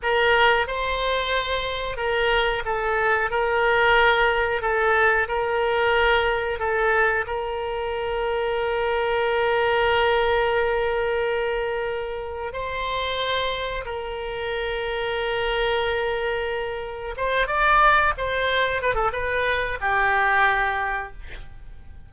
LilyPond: \new Staff \with { instrumentName = "oboe" } { \time 4/4 \tempo 4 = 91 ais'4 c''2 ais'4 | a'4 ais'2 a'4 | ais'2 a'4 ais'4~ | ais'1~ |
ais'2. c''4~ | c''4 ais'2.~ | ais'2 c''8 d''4 c''8~ | c''8 b'16 a'16 b'4 g'2 | }